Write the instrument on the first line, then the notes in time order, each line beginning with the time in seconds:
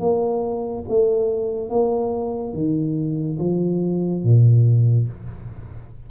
tuba
0.00 A#3
0.89 A3
1.70 A#3
2.54 D#3
3.40 F3
4.24 A#2